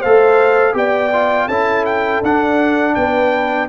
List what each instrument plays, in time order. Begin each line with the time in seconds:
0.00 tuba A3, trombone A4, horn C5, trumpet F5
0.73 tuba B3, trombone G4, horn D5, trumpet G5
1.14 trombone F4
1.48 tuba C#4, trombone E4, horn A4, trumpet A5
1.86 trumpet G5
2.23 tuba D4, trombone D4, trumpet F#5
2.95 tuba B3, horn B4, trumpet G5